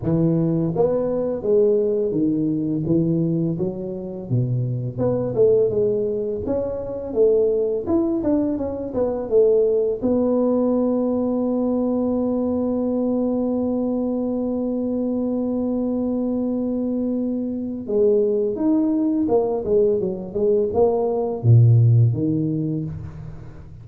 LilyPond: \new Staff \with { instrumentName = "tuba" } { \time 4/4 \tempo 4 = 84 e4 b4 gis4 dis4 | e4 fis4 b,4 b8 a8 | gis4 cis'4 a4 e'8 d'8 | cis'8 b8 a4 b2~ |
b1~ | b1~ | b4 gis4 dis'4 ais8 gis8 | fis8 gis8 ais4 ais,4 dis4 | }